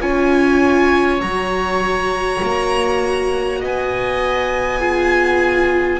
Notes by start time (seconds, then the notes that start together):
0.00 C#4 F4 C#5 G#5
1.21 F#3 F#4 A#5
2.42 A#3
3.60 B3 D#5 G#5
4.79 F4 G#4